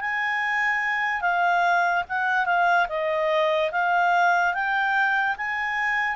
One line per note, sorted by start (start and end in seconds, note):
0.00 1.21 G#5
1.21 2.03 F5
2.08 2.45 F#5
2.45 2.86 F5
2.88 3.71 D#5
3.71 4.54 F5
4.54 5.36 G5
5.37 6.16 G#5